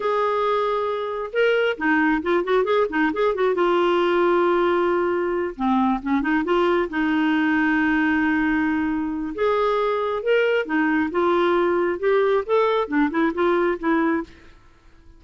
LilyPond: \new Staff \with { instrumentName = "clarinet" } { \time 4/4 \tempo 4 = 135 gis'2. ais'4 | dis'4 f'8 fis'8 gis'8 dis'8 gis'8 fis'8 | f'1~ | f'8 c'4 cis'8 dis'8 f'4 dis'8~ |
dis'1~ | dis'4 gis'2 ais'4 | dis'4 f'2 g'4 | a'4 d'8 e'8 f'4 e'4 | }